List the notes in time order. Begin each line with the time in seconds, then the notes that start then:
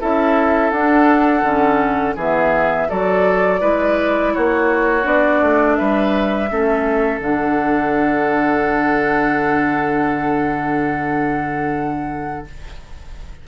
0.00 C#4 E4 A4 E5
0.70 D4 F#5
1.42 D3 C#4
2.15 E3 B3 G#4 E5
2.88 F#3 F#4 A4 D5
3.60 G#3 E4 B4
4.34 A#3 F#4 C#5
5.02 B3 D4 D5
5.41 A3
5.75 G3 B4 E5
6.50 A3 C#4 A4
7.20 D3 D4 F#5